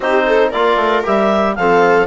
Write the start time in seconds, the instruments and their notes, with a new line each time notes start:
0.00 bassoon C4, trombone D#4, viola G4, clarinet C5
0.26 viola A4
0.49 bassoon A#3, trombone F4, viola A#4, clarinet D5
0.76 bassoon A3
1.03 bassoon G3, trombone G4, clarinet E5
1.55 bassoon F3, trombone C4, viola A4, clarinet F5